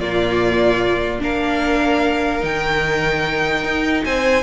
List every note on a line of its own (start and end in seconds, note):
0.00 1.22 A#2
0.00 1.20 A#3
0.00 1.21 F4
0.00 1.21 D5
1.20 2.43 A#3
1.20 2.40 D4
1.20 4.04 A#4
1.20 2.44 F5
2.40 3.63 D#3
2.40 4.42 D#4
2.40 4.05 G5
3.63 4.04 D#4
4.05 4.43 C4
4.05 4.43 C5
4.05 4.43 G#5